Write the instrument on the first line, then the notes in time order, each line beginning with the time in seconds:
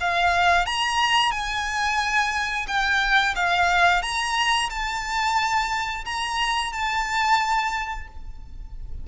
violin
0.00 F5
0.66 A#5
1.31 G#5
2.67 G5
3.35 F5
4.02 A#5
4.69 A5
6.05 A#5
6.72 A5